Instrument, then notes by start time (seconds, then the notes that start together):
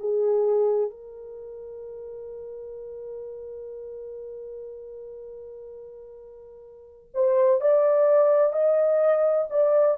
horn
0.00 G#4
0.91 A#4
7.14 C5
7.61 D5
8.53 D#5
9.50 D5